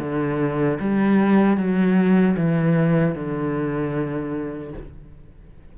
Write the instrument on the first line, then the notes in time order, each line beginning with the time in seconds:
cello
0.00 D3
0.81 G3
1.57 F#3
2.37 E3
3.15 D3